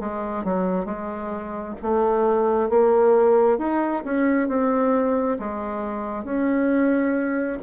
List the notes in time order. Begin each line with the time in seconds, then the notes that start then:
0.00 G#3
0.44 F#3
0.85 G#3
1.82 A3
2.69 A#3
3.58 D#4
4.05 C#4
4.48 C4
5.39 G#3
6.24 C#4